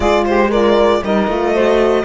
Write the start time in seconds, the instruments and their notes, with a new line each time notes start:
0.00 cello G#3, horn F4, saxophone G#4, violin D5
0.25 saxophone G4, violin C5
0.50 saxophone F4, horn A#4, violin D5
1.03 cello G3, horn D#4, saxophone A#4, violin D#5
1.27 cello A3, horn F4
1.53 horn F#4, saxophone C5